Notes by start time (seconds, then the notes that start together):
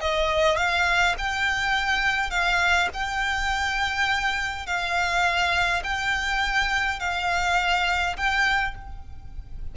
0.00 D#5
0.57 F5
1.18 G5
2.30 F5
2.94 G5
4.66 F5
5.84 G5
7.00 F5
8.17 G5